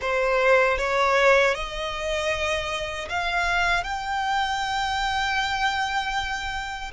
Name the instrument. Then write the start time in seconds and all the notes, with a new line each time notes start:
violin
0.01 C5
0.77 C#5
1.54 D#5
3.09 F5
3.83 G5